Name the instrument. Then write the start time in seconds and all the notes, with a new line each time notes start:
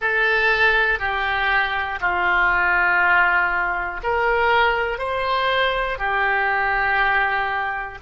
oboe
0.01 A4
0.99 G4
2.00 F4
4.03 A#4
4.98 C5
5.98 G4